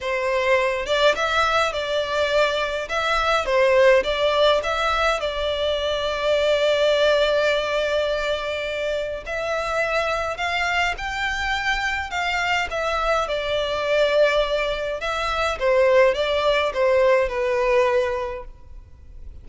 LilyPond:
\new Staff \with { instrumentName = "violin" } { \time 4/4 \tempo 4 = 104 c''4. d''8 e''4 d''4~ | d''4 e''4 c''4 d''4 | e''4 d''2.~ | d''1 |
e''2 f''4 g''4~ | g''4 f''4 e''4 d''4~ | d''2 e''4 c''4 | d''4 c''4 b'2 | }